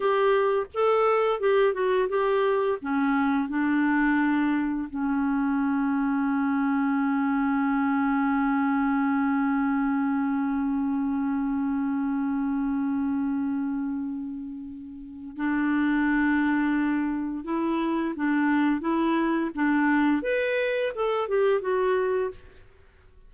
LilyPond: \new Staff \with { instrumentName = "clarinet" } { \time 4/4 \tempo 4 = 86 g'4 a'4 g'8 fis'8 g'4 | cis'4 d'2 cis'4~ | cis'1~ | cis'1~ |
cis'1~ | cis'2 d'2~ | d'4 e'4 d'4 e'4 | d'4 b'4 a'8 g'8 fis'4 | }